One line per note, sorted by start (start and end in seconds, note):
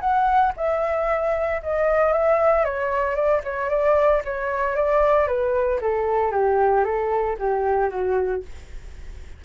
0.00 0.53 F#5
0.57 1.62 E5
1.62 2.13 D#5
2.13 2.65 E5
2.65 3.15 C#5
3.15 3.41 D5
3.44 3.69 C#5
3.69 4.22 D5
4.24 4.76 C#5
4.76 5.27 D5
5.27 5.80 B4
5.81 6.32 A4
6.32 6.84 G4
6.84 7.37 A4
7.39 7.90 G4
7.90 8.42 F#4